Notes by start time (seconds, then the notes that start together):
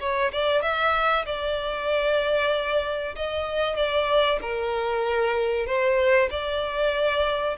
0.00 C#5
0.32 D5
0.62 E5
1.26 D5
3.16 D#5
3.76 D5
4.42 A#4
5.66 C5
6.30 D5